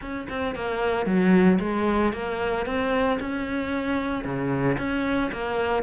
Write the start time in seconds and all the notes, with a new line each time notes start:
0.01 C#4
0.29 C4
0.55 A#3
1.05 F#3
1.59 G#3
2.12 A#3
2.65 C4
3.20 C#4
4.24 C#3
4.77 C#4
5.32 A#3